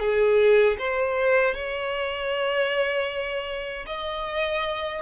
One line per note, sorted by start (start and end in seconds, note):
0.00 0.77 G#4
0.79 1.55 C5
1.55 3.86 C#5
3.86 5.02 D#5